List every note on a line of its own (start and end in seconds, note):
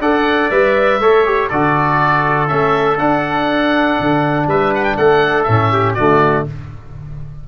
0.00 0.50 D4
0.00 0.51 A4
0.00 1.00 D5
0.00 0.50 F#5
0.50 1.00 G3
0.50 1.01 B4
0.50 1.50 E5
1.00 1.49 A3
1.00 1.25 A4
1.00 1.49 C#5
1.25 1.50 G4
1.49 2.51 D3
1.49 2.48 F#4
1.49 4.46 A4
1.49 2.48 D5
2.48 3.00 A3
2.48 2.98 C#4
2.48 2.97 E5
2.99 3.99 D4
2.99 5.48 D4
2.99 4.48 F#5
4.00 4.47 D3
4.47 4.97 G3
4.47 4.98 B4
4.47 4.74 E5
4.74 4.84 F#5
4.84 4.96 G5
4.97 5.47 A3
4.97 5.73 A4
4.97 5.44 F#5
5.44 5.98 A2
5.44 5.98 C#4
5.44 5.93 E5
5.73 5.96 G4
5.94 6.48 D3
5.94 6.47 A3
5.94 6.46 F#4
5.94 6.44 D5